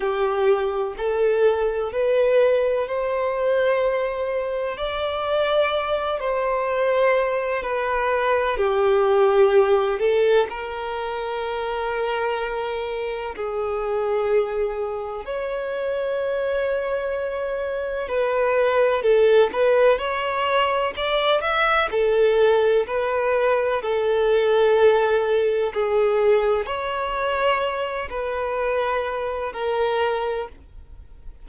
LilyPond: \new Staff \with { instrumentName = "violin" } { \time 4/4 \tempo 4 = 63 g'4 a'4 b'4 c''4~ | c''4 d''4. c''4. | b'4 g'4. a'8 ais'4~ | ais'2 gis'2 |
cis''2. b'4 | a'8 b'8 cis''4 d''8 e''8 a'4 | b'4 a'2 gis'4 | cis''4. b'4. ais'4 | }